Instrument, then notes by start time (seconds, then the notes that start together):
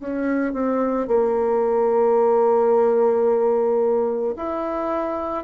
bassoon
0.00 C#4
0.54 C4
1.08 A#3
4.36 E4